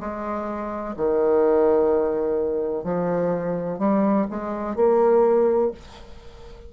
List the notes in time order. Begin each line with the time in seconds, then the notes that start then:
0.00 G#3
0.97 D#3
2.84 F3
3.79 G3
4.31 G#3
4.76 A#3